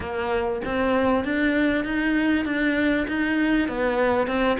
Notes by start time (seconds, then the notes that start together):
0.00 A#3
0.64 C4
1.24 D4
1.84 D#4
2.45 D4
3.07 D#4
3.68 B3
4.27 C4